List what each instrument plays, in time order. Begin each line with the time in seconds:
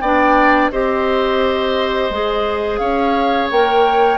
0.00 bassoon B3, clarinet D4, oboe D5, flute G5
0.71 bassoon C4, clarinet G4, oboe C5, flute D#5
2.10 bassoon G#3, clarinet G#4
2.77 bassoon C#4, oboe C#5, flute F5
3.51 bassoon A#3, clarinet A#4, flute G5